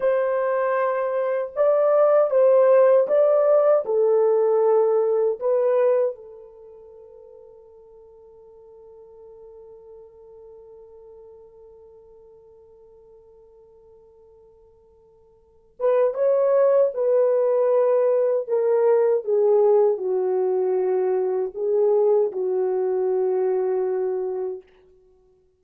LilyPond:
\new Staff \with { instrumentName = "horn" } { \time 4/4 \tempo 4 = 78 c''2 d''4 c''4 | d''4 a'2 b'4 | a'1~ | a'1~ |
a'1~ | a'8 b'8 cis''4 b'2 | ais'4 gis'4 fis'2 | gis'4 fis'2. | }